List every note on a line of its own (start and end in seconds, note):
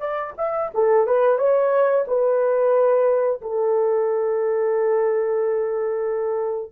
0.00 0.33 D5
0.38 0.71 E5
0.75 1.07 A4
1.07 1.38 B4
1.38 2.05 C#5
2.08 3.41 B4
3.42 6.72 A4